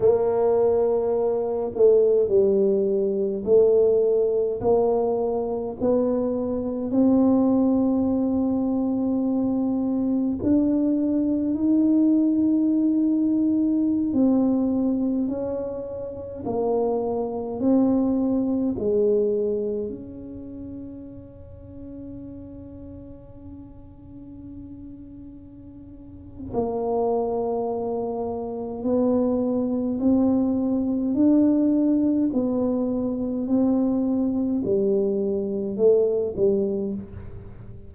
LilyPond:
\new Staff \with { instrumentName = "tuba" } { \time 4/4 \tempo 4 = 52 ais4. a8 g4 a4 | ais4 b4 c'2~ | c'4 d'4 dis'2~ | dis'16 c'4 cis'4 ais4 c'8.~ |
c'16 gis4 cis'2~ cis'8.~ | cis'2. ais4~ | ais4 b4 c'4 d'4 | b4 c'4 g4 a8 g8 | }